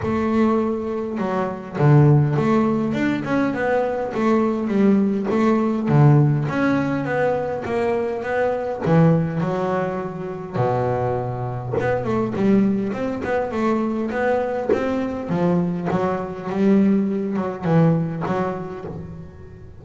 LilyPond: \new Staff \with { instrumentName = "double bass" } { \time 4/4 \tempo 4 = 102 a2 fis4 d4 | a4 d'8 cis'8 b4 a4 | g4 a4 d4 cis'4 | b4 ais4 b4 e4 |
fis2 b,2 | b8 a8 g4 c'8 b8 a4 | b4 c'4 f4 fis4 | g4. fis8 e4 fis4 | }